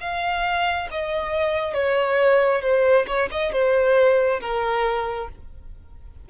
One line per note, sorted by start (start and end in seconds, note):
0.00 0.88 F5
0.91 1.74 D#5
1.74 2.62 C#5
2.62 3.06 C5
3.07 3.29 C#5
3.32 3.52 D#5
3.52 4.40 C5
4.41 5.29 A#4